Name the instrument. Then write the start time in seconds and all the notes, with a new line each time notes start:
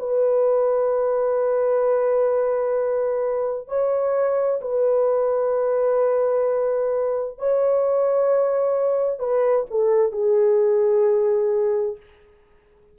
horn
0.00 B4
3.68 C#5
4.62 B4
7.39 C#5
9.20 B4
9.71 A4
10.12 G#4